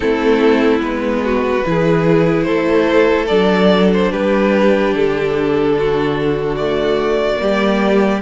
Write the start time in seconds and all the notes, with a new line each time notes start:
0.00 A3 C4 E4 A4
0.79 G#3 B3 B4
1.24 F#4
1.64 E3 E4 G#4
2.43 A3 A4 C5
3.27 F#3 D4 D5
3.93 C5
4.11 G3 G4 B4
4.94 D3 A4
5.78 F#4
6.56 A3 D5
7.36 G3 A#3 G4